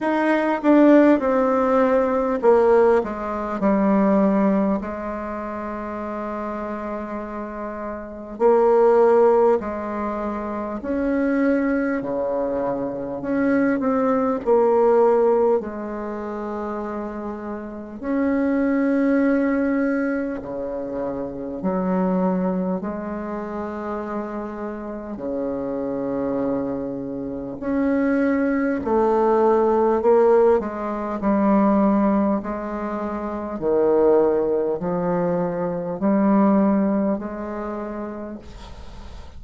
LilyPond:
\new Staff \with { instrumentName = "bassoon" } { \time 4/4 \tempo 4 = 50 dis'8 d'8 c'4 ais8 gis8 g4 | gis2. ais4 | gis4 cis'4 cis4 cis'8 c'8 | ais4 gis2 cis'4~ |
cis'4 cis4 fis4 gis4~ | gis4 cis2 cis'4 | a4 ais8 gis8 g4 gis4 | dis4 f4 g4 gis4 | }